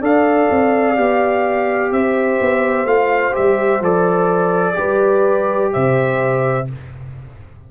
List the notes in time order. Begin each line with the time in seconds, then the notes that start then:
0.00 D4 A4 D5 F5
0.50 C4
0.96 B3 G4
1.91 C4 C5 E5
2.40 B3
2.84 A3 F4 F5
3.32 G3 G4 E5
3.80 F3 A4 D5
4.74 G3 G4 B4
5.72 C3 C5 E5